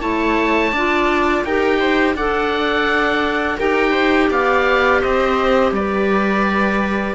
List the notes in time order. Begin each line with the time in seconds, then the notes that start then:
0.00 A3 E4 C#5 A5
0.72 D4 F4 D5
1.44 D#4 G4 A#4 G5
1.79 C5
2.14 D4 A4 D5 F#5
3.57 D#4 G4 A#4 G5
3.90 C5
4.29 B3 D5 F5
5.01 C4 C5 D#5
5.72 G3 B4 D5